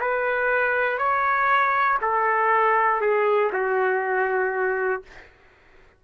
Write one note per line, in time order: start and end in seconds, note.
0.00 0.98 B4
0.98 1.98 C#5
2.01 3.01 A4
3.01 3.51 G#4
3.52 5.02 F#4